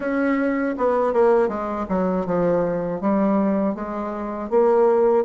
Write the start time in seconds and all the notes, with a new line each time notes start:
0.00 C#4
0.77 B3
1.13 A#3
1.48 G#3
1.89 F#3
2.26 F3
3.00 G3
3.75 G#3
4.50 A#3